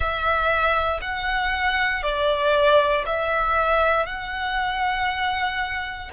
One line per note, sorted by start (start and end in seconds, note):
0.00 1.00 E5
1.01 2.02 F#5
2.02 3.04 D5
3.06 4.06 E5
4.06 6.09 F#5